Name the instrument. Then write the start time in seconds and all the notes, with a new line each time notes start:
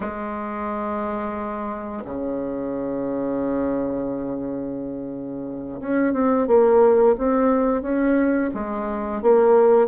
bassoon
0.00 G#3
2.05 C#3
5.80 C#4
6.13 C4
6.47 A#3
7.17 C4
7.82 C#4
8.54 G#3
9.21 A#3